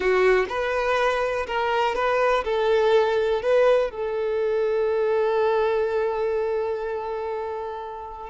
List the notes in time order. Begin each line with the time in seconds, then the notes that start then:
0.00 F#4
0.49 B4
1.46 A#4
1.95 B4
2.44 A4
3.41 B4
3.90 A4